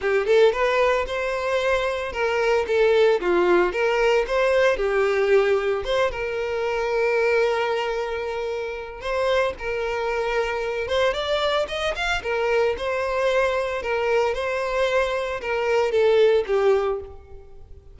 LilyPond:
\new Staff \with { instrumentName = "violin" } { \time 4/4 \tempo 4 = 113 g'8 a'8 b'4 c''2 | ais'4 a'4 f'4 ais'4 | c''4 g'2 c''8 ais'8~ | ais'1~ |
ais'4 c''4 ais'2~ | ais'8 c''8 d''4 dis''8 f''8 ais'4 | c''2 ais'4 c''4~ | c''4 ais'4 a'4 g'4 | }